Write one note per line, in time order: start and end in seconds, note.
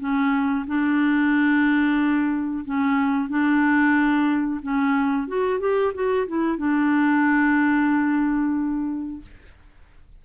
0.00 0.66 C#4
0.67 2.65 D4
2.66 3.29 C#4
3.29 4.61 D4
4.62 5.28 C#4
5.28 5.60 F#4
5.60 5.93 G4
5.94 6.27 F#4
6.28 6.58 E4
6.58 9.22 D4